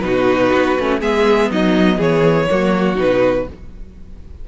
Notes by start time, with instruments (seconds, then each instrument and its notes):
0.00 cello B2, viola D#4, violin F#4 B4
0.53 cello B3
0.79 cello A3, viola C#4
1.00 cello G#3, viola B3, violin G#4 E5
1.51 cello F#3, violin D#4 D#5
1.97 cello E3, violin G#4 C#5
2.49 cello F#3, viola A#3, violin F#4
2.95 cello B2, viola D#4, violin B4